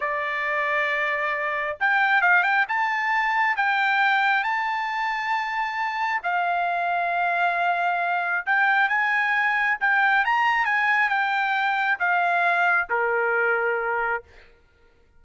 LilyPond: \new Staff \with { instrumentName = "trumpet" } { \time 4/4 \tempo 4 = 135 d''1 | g''4 f''8 g''8 a''2 | g''2 a''2~ | a''2 f''2~ |
f''2. g''4 | gis''2 g''4 ais''4 | gis''4 g''2 f''4~ | f''4 ais'2. | }